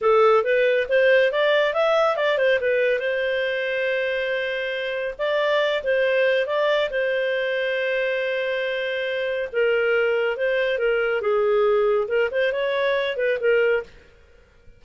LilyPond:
\new Staff \with { instrumentName = "clarinet" } { \time 4/4 \tempo 4 = 139 a'4 b'4 c''4 d''4 | e''4 d''8 c''8 b'4 c''4~ | c''1 | d''4. c''4. d''4 |
c''1~ | c''2 ais'2 | c''4 ais'4 gis'2 | ais'8 c''8 cis''4. b'8 ais'4 | }